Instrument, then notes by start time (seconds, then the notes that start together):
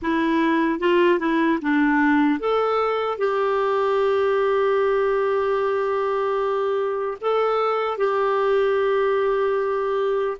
clarinet
0.01 E4
0.79 F4
1.19 E4
1.61 D4
2.39 A4
3.18 G4
7.21 A4
7.97 G4